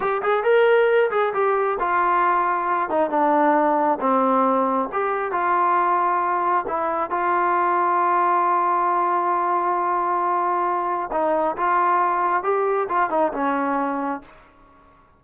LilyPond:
\new Staff \with { instrumentName = "trombone" } { \time 4/4 \tempo 4 = 135 g'8 gis'8 ais'4. gis'8 g'4 | f'2~ f'8 dis'8 d'4~ | d'4 c'2 g'4 | f'2. e'4 |
f'1~ | f'1~ | f'4 dis'4 f'2 | g'4 f'8 dis'8 cis'2 | }